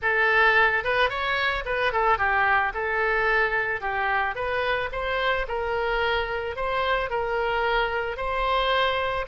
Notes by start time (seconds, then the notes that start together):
0.02 A4
0.84 B4
1.09 C#5
1.65 B4
1.92 A4
2.18 G4
2.74 A4
3.81 G4
4.35 B4
4.92 C5
5.48 A#4
6.56 C5
7.10 A#4
8.16 C5